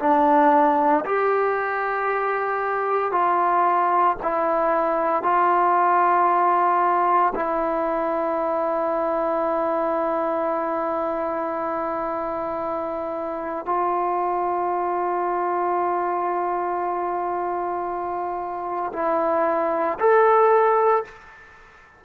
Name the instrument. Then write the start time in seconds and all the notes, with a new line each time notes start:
trombone
0.00 D4
1.06 G4
3.12 F4
4.23 E4
5.23 F4
7.35 E4
13.66 F4
18.93 E4
20.00 A4